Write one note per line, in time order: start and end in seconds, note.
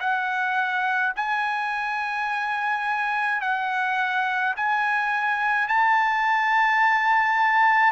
0.00 1.13 F#5
1.16 3.42 G#5
3.42 4.55 F#5
4.56 5.68 G#5
5.68 7.92 A5